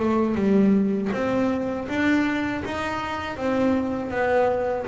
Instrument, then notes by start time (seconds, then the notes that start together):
double bass
0.00 A3
0.35 G3
1.13 C4
1.89 D4
2.65 D#4
3.37 C4
4.11 B3